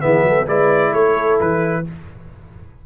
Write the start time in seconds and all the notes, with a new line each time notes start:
0.00 E3 B3 G#4 E5
0.23 F#3 A4
0.46 G#3 E4 B4 D5
0.91 A3 A4 C#5
1.40 E3 B4